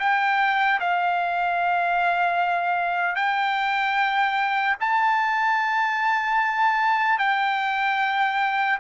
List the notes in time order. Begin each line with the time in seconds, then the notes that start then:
0.00 G5
0.80 F5
3.16 G5
4.81 A5
7.19 G5